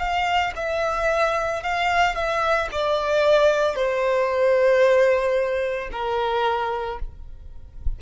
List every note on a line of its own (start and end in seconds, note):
0.00 0.54 F5
0.56 1.63 E5
1.64 2.15 F5
2.15 2.69 E5
2.72 3.75 D5
3.75 5.90 C5
5.92 6.99 A#4